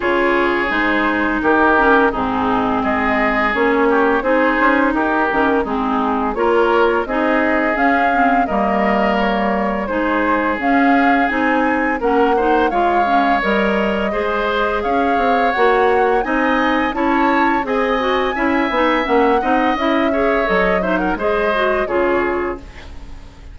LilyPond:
<<
  \new Staff \with { instrumentName = "flute" } { \time 4/4 \tempo 4 = 85 cis''4 c''4 ais'4 gis'4 | dis''4 cis''4 c''4 ais'4 | gis'4 cis''4 dis''4 f''4 | dis''4 cis''4 c''4 f''4 |
gis''4 fis''4 f''4 dis''4~ | dis''4 f''4 fis''4 gis''4 | a''4 gis''2 fis''4 | e''4 dis''8 e''16 fis''16 dis''4 cis''4 | }
  \new Staff \with { instrumentName = "oboe" } { \time 4/4 gis'2 g'4 dis'4 | gis'4. g'8 gis'4 g'4 | dis'4 ais'4 gis'2 | ais'2 gis'2~ |
gis'4 ais'8 c''8 cis''2 | c''4 cis''2 dis''4 | cis''4 dis''4 e''4. dis''8~ | dis''8 cis''4 c''16 ais'16 c''4 gis'4 | }
  \new Staff \with { instrumentName = "clarinet" } { \time 4/4 f'4 dis'4. cis'8 c'4~ | c'4 cis'4 dis'4. cis'8 | c'4 f'4 dis'4 cis'8 c'8 | ais2 dis'4 cis'4 |
dis'4 cis'8 dis'8 f'8 cis'8 ais'4 | gis'2 fis'4 dis'4 | e'4 gis'8 fis'8 e'8 dis'8 cis'8 dis'8 | e'8 gis'8 a'8 dis'8 gis'8 fis'8 f'4 | }
  \new Staff \with { instrumentName = "bassoon" } { \time 4/4 cis4 gis4 dis4 gis,4 | gis4 ais4 c'8 cis'8 dis'8 dis8 | gis4 ais4 c'4 cis'4 | g2 gis4 cis'4 |
c'4 ais4 gis4 g4 | gis4 cis'8 c'8 ais4 c'4 | cis'4 c'4 cis'8 b8 ais8 c'8 | cis'4 fis4 gis4 cis4 | }
>>